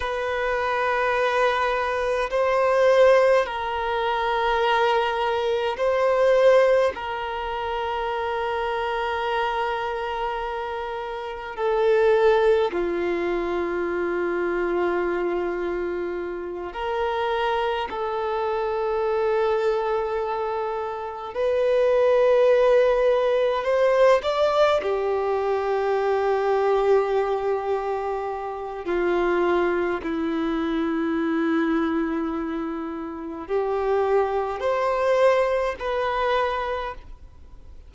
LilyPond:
\new Staff \with { instrumentName = "violin" } { \time 4/4 \tempo 4 = 52 b'2 c''4 ais'4~ | ais'4 c''4 ais'2~ | ais'2 a'4 f'4~ | f'2~ f'8 ais'4 a'8~ |
a'2~ a'8 b'4.~ | b'8 c''8 d''8 g'2~ g'8~ | g'4 f'4 e'2~ | e'4 g'4 c''4 b'4 | }